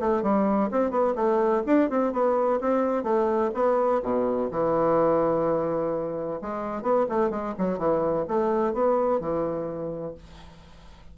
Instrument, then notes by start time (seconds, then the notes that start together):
bassoon
0.00 A3
0.23 G3
0.71 C4
0.91 B3
1.16 A3
1.66 D4
1.90 C4
2.13 B3
2.61 C4
3.03 A3
3.54 B3
4.02 B2
4.51 E3
6.41 G#3
6.82 B3
7.09 A3
7.30 G#3
7.58 F#3
7.78 E3
8.28 A3
8.74 B3
9.20 E3